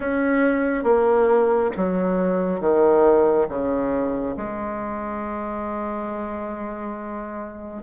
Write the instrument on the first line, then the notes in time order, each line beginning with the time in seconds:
bassoon
0.00 C#4
0.83 A#3
1.76 F#3
2.60 D#3
3.48 C#3
4.37 G#3